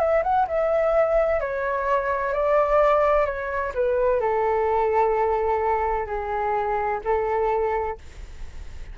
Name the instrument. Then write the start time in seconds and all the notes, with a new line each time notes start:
flute
0.00 E5
0.23 F#5
0.48 E5
1.41 C#5
2.34 D5
3.26 C#5
3.75 B4
4.21 A4
6.07 G#4
7.05 A4